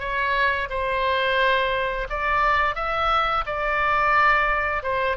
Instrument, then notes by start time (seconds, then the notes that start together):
oboe
0.00 C#5
0.70 C5
2.10 D5
2.76 E5
3.46 D5
4.83 C5